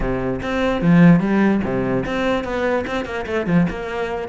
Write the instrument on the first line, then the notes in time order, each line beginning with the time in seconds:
cello
0.00 C3
0.42 C4
0.81 F3
1.20 G3
1.64 C3
2.05 C4
2.44 B3
2.86 C4
3.05 A#3
3.26 A3
3.46 F3
3.70 A#3